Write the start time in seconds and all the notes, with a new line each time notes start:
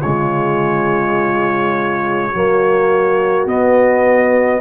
0.00 C#3 G#3 F4 C#5
2.30 F#3 A#3 F#4
3.46 B3 D#5